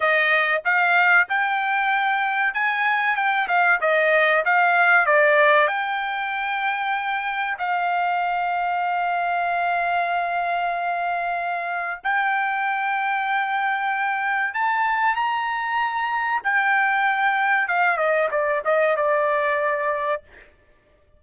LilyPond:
\new Staff \with { instrumentName = "trumpet" } { \time 4/4 \tempo 4 = 95 dis''4 f''4 g''2 | gis''4 g''8 f''8 dis''4 f''4 | d''4 g''2. | f''1~ |
f''2. g''4~ | g''2. a''4 | ais''2 g''2 | f''8 dis''8 d''8 dis''8 d''2 | }